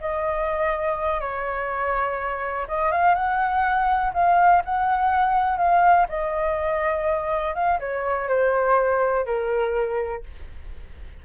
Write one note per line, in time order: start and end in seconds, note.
0.00 1.20 D#5
1.20 2.66 C#5
2.68 2.91 D#5
2.91 3.15 F5
3.15 4.12 F#5
4.13 4.62 F5
4.65 5.57 F#5
5.57 6.06 F5
6.09 7.54 D#5
7.54 7.79 F5
7.79 8.28 C#5
8.28 9.25 C5
9.25 10.23 A#4